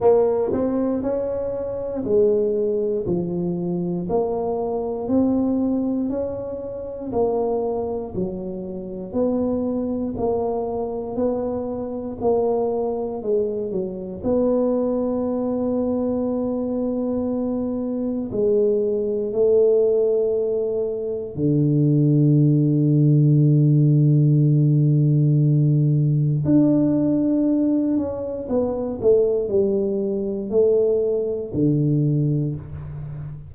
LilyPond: \new Staff \with { instrumentName = "tuba" } { \time 4/4 \tempo 4 = 59 ais8 c'8 cis'4 gis4 f4 | ais4 c'4 cis'4 ais4 | fis4 b4 ais4 b4 | ais4 gis8 fis8 b2~ |
b2 gis4 a4~ | a4 d2.~ | d2 d'4. cis'8 | b8 a8 g4 a4 d4 | }